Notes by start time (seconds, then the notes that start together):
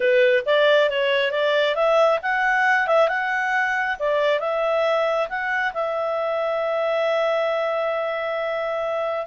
0.00 B4
0.45 D5
0.89 C#5
1.31 D5
1.75 E5
2.22 F#5
2.87 E5
3.08 F#5
3.99 D5
4.39 E5
5.28 F#5
5.73 E5